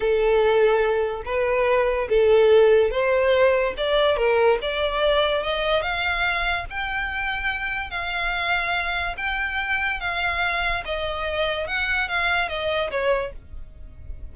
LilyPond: \new Staff \with { instrumentName = "violin" } { \time 4/4 \tempo 4 = 144 a'2. b'4~ | b'4 a'2 c''4~ | c''4 d''4 ais'4 d''4~ | d''4 dis''4 f''2 |
g''2. f''4~ | f''2 g''2 | f''2 dis''2 | fis''4 f''4 dis''4 cis''4 | }